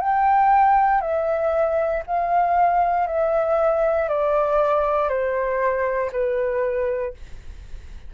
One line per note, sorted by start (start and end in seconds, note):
0.00 1.01 G5
1.01 2.02 E5
2.06 3.06 F5
3.06 4.08 E5
4.08 5.08 D5
5.08 6.10 C5
6.12 7.13 B4